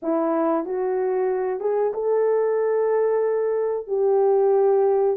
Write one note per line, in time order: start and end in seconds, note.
0.02 0.65 E4
0.65 1.60 F#4
1.60 1.92 G#4
1.93 3.87 A4
3.87 5.16 G4